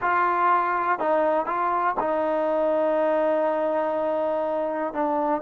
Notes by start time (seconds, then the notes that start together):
0.01 F4
0.99 D#4
1.46 F4
1.99 D#4
4.93 D4